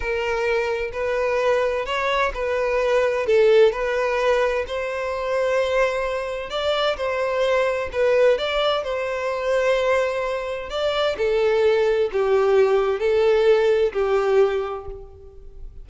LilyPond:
\new Staff \with { instrumentName = "violin" } { \time 4/4 \tempo 4 = 129 ais'2 b'2 | cis''4 b'2 a'4 | b'2 c''2~ | c''2 d''4 c''4~ |
c''4 b'4 d''4 c''4~ | c''2. d''4 | a'2 g'2 | a'2 g'2 | }